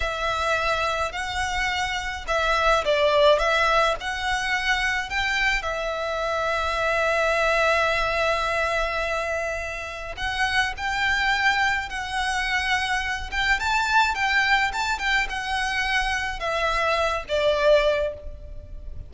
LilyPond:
\new Staff \with { instrumentName = "violin" } { \time 4/4 \tempo 4 = 106 e''2 fis''2 | e''4 d''4 e''4 fis''4~ | fis''4 g''4 e''2~ | e''1~ |
e''2 fis''4 g''4~ | g''4 fis''2~ fis''8 g''8 | a''4 g''4 a''8 g''8 fis''4~ | fis''4 e''4. d''4. | }